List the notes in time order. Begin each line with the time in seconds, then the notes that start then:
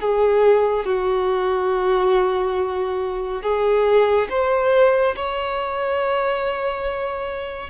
0.00 G#4
0.85 F#4
3.42 G#4
4.29 C5
5.16 C#5